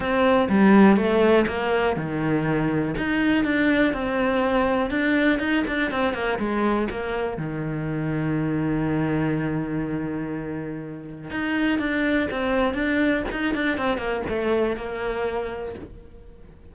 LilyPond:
\new Staff \with { instrumentName = "cello" } { \time 4/4 \tempo 4 = 122 c'4 g4 a4 ais4 | dis2 dis'4 d'4 | c'2 d'4 dis'8 d'8 | c'8 ais8 gis4 ais4 dis4~ |
dis1~ | dis2. dis'4 | d'4 c'4 d'4 dis'8 d'8 | c'8 ais8 a4 ais2 | }